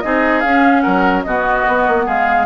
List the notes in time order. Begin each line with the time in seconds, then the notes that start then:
0.00 C4 D#4 G#4 D#5
0.40 C#4 F5
0.81 F#3 A#4 F#5
1.22 B2 B3 F#4 D#5
1.67 B3
1.88 A#3
2.06 G#3 G#4 F5